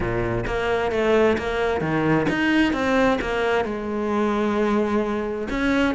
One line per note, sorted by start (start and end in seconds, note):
0.00 0.45 A#2
0.46 0.91 A#3
0.91 1.37 A3
1.38 1.80 A#3
1.80 2.26 D#3
2.29 2.73 D#4
2.73 3.19 C4
3.21 3.65 A#3
3.65 5.48 G#3
5.50 5.94 C#4